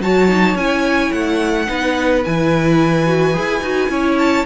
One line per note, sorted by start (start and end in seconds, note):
0.00 0.55 F#3
0.00 0.29 F#4
0.00 1.69 C#5
0.00 0.57 A5
0.29 0.56 D#4
0.55 1.11 C#4
0.55 1.66 E4
0.55 1.12 G#5
1.12 1.68 A3
1.12 2.24 F#5
1.66 2.25 B3
1.66 2.22 D#4
1.66 3.91 B4
2.24 3.38 E3
2.24 3.06 E4
2.24 4.18 G#5
3.06 3.34 F#4
3.34 3.61 E4
3.34 3.62 G#4
3.61 3.89 D#4
3.61 3.89 F#4
3.89 4.45 C#4
3.89 4.45 E4
3.89 4.45 C#5
4.18 4.45 A5